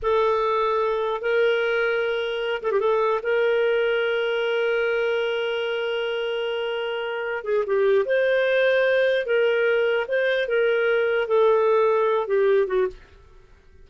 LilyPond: \new Staff \with { instrumentName = "clarinet" } { \time 4/4 \tempo 4 = 149 a'2. ais'4~ | ais'2~ ais'8 a'16 g'16 a'4 | ais'1~ | ais'1~ |
ais'2~ ais'8 gis'8 g'4 | c''2. ais'4~ | ais'4 c''4 ais'2 | a'2~ a'8 g'4 fis'8 | }